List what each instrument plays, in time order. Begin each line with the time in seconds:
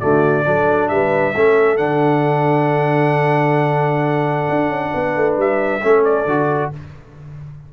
0.00 tuba D3, trombone A3, horn F#4, trumpet D5
0.45 tuba F#3, trombone D4, horn A4
0.89 tuba G3, horn B4, trumpet E5
1.35 tuba A3, trombone C#4, horn A4
1.78 tuba D3, trombone D4, trumpet F#5
4.50 tuba D4
4.69 tuba C#4
4.93 tuba B3, horn B4
5.16 tuba A3
5.38 tuba G3, trumpet E5
5.83 tuba A3, trombone C#4, horn A4
6.05 trumpet D5
6.26 tuba D3, trombone F#4